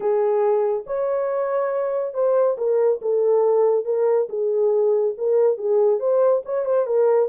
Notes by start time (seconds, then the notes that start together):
0.00 G#4
0.86 C#5
2.14 C5
2.57 A#4
3.01 A4
3.85 A#4
4.29 G#4
5.17 A#4
5.57 G#4
5.99 C5
6.45 C#5
6.65 C5
6.86 A#4